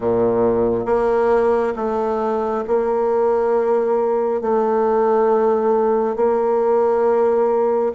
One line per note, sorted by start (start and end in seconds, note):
0.00 0.85 A#2
0.85 1.73 A#3
1.76 2.64 A3
2.67 4.41 A#3
4.41 6.16 A3
6.16 7.92 A#3